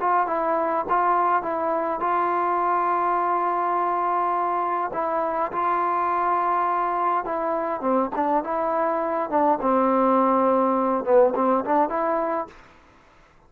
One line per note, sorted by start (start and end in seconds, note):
0.00 0.26 F4
0.26 0.85 E4
0.89 1.42 F4
1.42 2.00 E4
2.00 4.91 F4
4.93 5.51 E4
5.51 7.24 F4
7.24 7.81 E4
7.81 8.10 C4
8.15 8.43 D4
8.43 9.29 E4
9.29 9.59 D4
9.61 11.04 C4
11.04 11.33 B3
11.35 11.64 C4
11.65 11.89 D4
11.89 12.47 E4